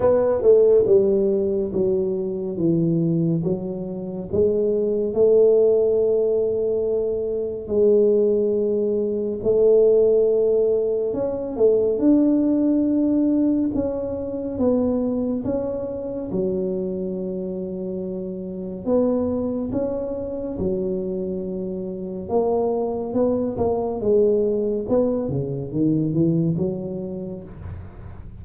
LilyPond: \new Staff \with { instrumentName = "tuba" } { \time 4/4 \tempo 4 = 70 b8 a8 g4 fis4 e4 | fis4 gis4 a2~ | a4 gis2 a4~ | a4 cis'8 a8 d'2 |
cis'4 b4 cis'4 fis4~ | fis2 b4 cis'4 | fis2 ais4 b8 ais8 | gis4 b8 cis8 dis8 e8 fis4 | }